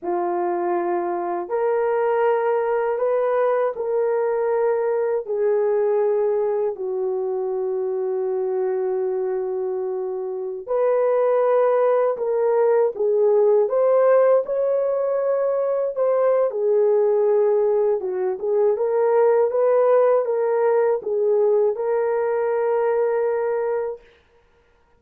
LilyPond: \new Staff \with { instrumentName = "horn" } { \time 4/4 \tempo 4 = 80 f'2 ais'2 | b'4 ais'2 gis'4~ | gis'4 fis'2.~ | fis'2~ fis'16 b'4.~ b'16~ |
b'16 ais'4 gis'4 c''4 cis''8.~ | cis''4~ cis''16 c''8. gis'2 | fis'8 gis'8 ais'4 b'4 ais'4 | gis'4 ais'2. | }